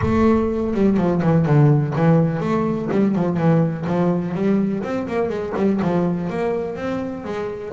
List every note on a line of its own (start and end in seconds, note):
0.01 0.74 A3
0.74 0.97 G3
0.97 1.21 F3
1.22 1.45 E3
1.45 1.94 D3
1.95 2.40 E3
2.40 2.88 A3
2.91 3.15 G3
3.15 3.36 F3
3.36 3.85 E3
3.86 4.34 F3
4.34 4.82 G3
4.83 5.07 C4
5.07 5.29 A#3
5.29 5.53 G#3
5.56 5.80 G3
5.82 6.29 F3
6.29 6.76 A#3
6.76 7.24 C4
7.24 7.72 G#3